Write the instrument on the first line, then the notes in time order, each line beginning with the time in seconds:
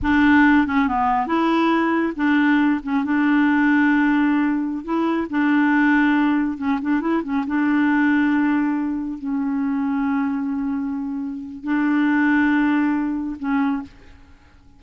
clarinet
0.02 D4
0.66 C#4
0.88 B3
1.26 E4
2.16 D4
2.83 C#4
3.04 D4
4.84 E4
5.29 D4
6.57 C#4
6.81 D4
7.00 E4
7.23 C#4
7.47 D4
9.18 C#4
11.63 D4
13.39 C#4